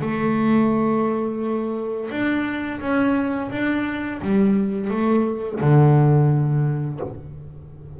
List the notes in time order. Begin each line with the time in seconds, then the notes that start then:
0.00 A3
2.10 D4
2.80 C#4
3.51 D4
4.21 G3
4.90 A3
5.60 D3